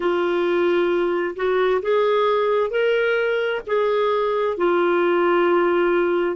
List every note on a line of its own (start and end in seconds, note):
0.00 1.35 F4
1.36 1.81 F#4
1.81 2.70 G#4
2.70 3.61 A#4
3.67 4.57 G#4
4.57 6.36 F4